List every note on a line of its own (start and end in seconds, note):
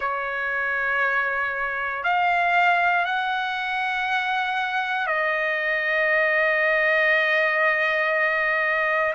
0.00 2.03 C#5
2.03 3.05 F5
3.05 5.07 F#5
5.07 9.13 D#5